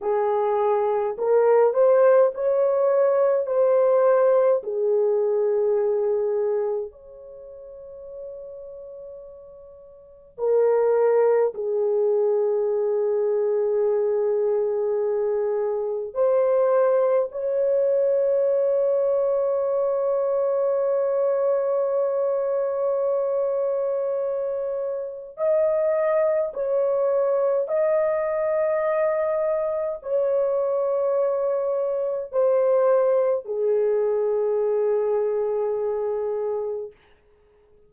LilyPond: \new Staff \with { instrumentName = "horn" } { \time 4/4 \tempo 4 = 52 gis'4 ais'8 c''8 cis''4 c''4 | gis'2 cis''2~ | cis''4 ais'4 gis'2~ | gis'2 c''4 cis''4~ |
cis''1~ | cis''2 dis''4 cis''4 | dis''2 cis''2 | c''4 gis'2. | }